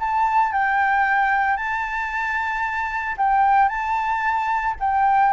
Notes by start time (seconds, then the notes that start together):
0.00 A5
0.53 G5
1.57 A5
3.17 G5
3.69 A5
4.80 G5